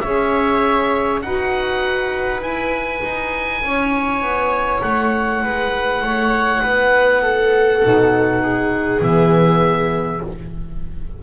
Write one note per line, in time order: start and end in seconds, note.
0.00 1.23 C#4
0.00 1.23 G#4
0.00 1.21 C#5
0.00 1.20 E5
1.21 2.41 D#4
1.21 2.42 F#4
1.21 3.64 B4
1.21 2.41 F#5
2.41 3.01 E4
2.41 7.81 E4
2.41 4.82 G#5
3.02 3.62 D#4
3.63 4.21 C#4
3.63 5.42 C#5
4.21 4.81 B3
4.82 5.42 A3
4.82 9.02 F#5
5.42 6.01 G#3
5.42 6.02 B4
6.01 6.61 A3
6.01 6.61 C#5
6.61 7.83 B3
6.61 7.21 B4
7.21 8.41 A4
7.81 9.01 B2
7.81 9.00 D#4
8.42 10.22 G#4
9.00 10.21 E3
9.00 10.20 B3
9.00 10.22 E5